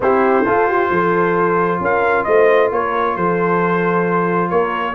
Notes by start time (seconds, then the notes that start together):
0.00 C4 E4 G4 C5
0.45 F4 A4
0.67 G4
0.90 F3 A4
1.80 C#4 A#4 F5
2.23 A3 C5 D#5
2.71 A#3 A#4 C#5
3.15 F3 A4 C5
4.49 A#3 A#4 C#5